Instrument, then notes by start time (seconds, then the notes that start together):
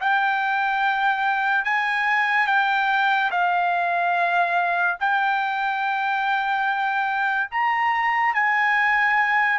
trumpet
0.00 G5
1.64 G#5
2.47 G5
3.31 F5
5.00 G5
7.51 A#5
8.34 G#5